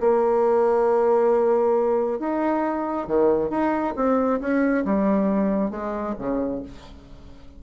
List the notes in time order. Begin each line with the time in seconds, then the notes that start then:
0.00 A#3
2.19 D#4
3.07 D#3
3.50 D#4
3.96 C4
4.40 C#4
4.85 G3
5.71 G#3
6.18 C#3